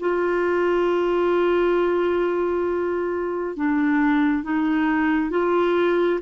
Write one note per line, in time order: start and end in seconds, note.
0.00 3.57 F4
3.57 4.43 D4
4.43 5.30 D#4
5.30 6.20 F4